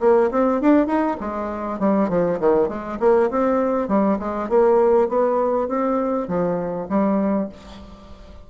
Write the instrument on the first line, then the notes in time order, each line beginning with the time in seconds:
bassoon
0.00 A#3
0.31 C4
0.61 D4
0.86 D#4
1.20 G#3
1.79 G3
2.09 F3
2.40 D#3
2.68 G#3
3.00 A#3
3.30 C4
3.88 G3
4.19 G#3
4.49 A#3
5.09 B3
5.68 C4
6.28 F3
6.89 G3